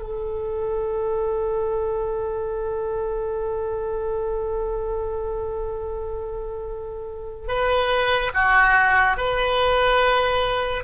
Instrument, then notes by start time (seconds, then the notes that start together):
oboe
0.00 A4
7.48 B4
8.34 F#4
9.17 B4